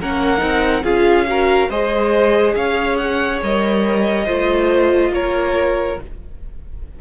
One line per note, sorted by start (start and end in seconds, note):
0.00 0.42 A#3
0.00 0.38 C#4
0.00 0.84 A#4
0.00 0.85 F#5
0.38 0.83 C4
0.38 0.81 D#4
0.83 1.69 C#4
0.83 1.27 F4
0.83 1.27 G#4
0.83 1.70 F5
1.28 1.71 F#4
1.28 1.69 A#4
1.69 2.55 G#3
1.69 3.42 G#4
1.69 2.55 C5
1.69 2.55 D#5
2.55 3.41 C#4
2.55 4.25 C#5
2.55 2.97 F5
2.97 3.40 F#5
3.42 4.28 G3
3.42 4.26 A#4
3.42 5.14 D#5
4.25 5.10 A3
4.25 5.97 F4
4.25 5.11 C5
5.10 5.96 A#3
5.10 6.01 A#4
5.10 6.00 C#5